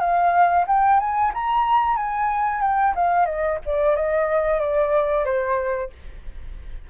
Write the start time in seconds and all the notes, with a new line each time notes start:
0.00 F5
0.67 G5
1.00 G#5
1.34 A#5
1.96 G#5
2.61 G5
2.95 F5
3.25 D#5
3.66 D5
3.95 D#5
4.60 D5
5.25 C5